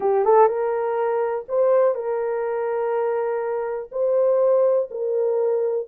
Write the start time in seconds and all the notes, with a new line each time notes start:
0.00 G4
0.24 A4
0.47 A#4
1.48 C5
1.94 A#4
3.91 C5
4.90 A#4